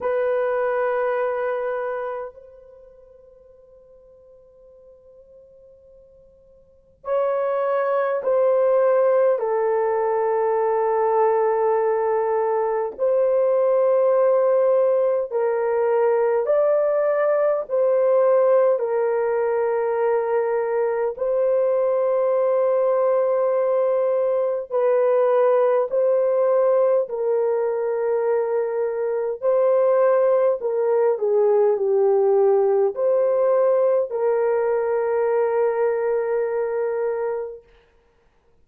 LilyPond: \new Staff \with { instrumentName = "horn" } { \time 4/4 \tempo 4 = 51 b'2 c''2~ | c''2 cis''4 c''4 | a'2. c''4~ | c''4 ais'4 d''4 c''4 |
ais'2 c''2~ | c''4 b'4 c''4 ais'4~ | ais'4 c''4 ais'8 gis'8 g'4 | c''4 ais'2. | }